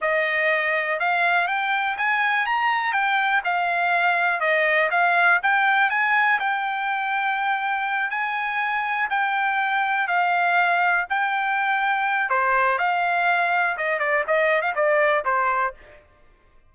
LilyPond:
\new Staff \with { instrumentName = "trumpet" } { \time 4/4 \tempo 4 = 122 dis''2 f''4 g''4 | gis''4 ais''4 g''4 f''4~ | f''4 dis''4 f''4 g''4 | gis''4 g''2.~ |
g''8 gis''2 g''4.~ | g''8 f''2 g''4.~ | g''4 c''4 f''2 | dis''8 d''8 dis''8. f''16 d''4 c''4 | }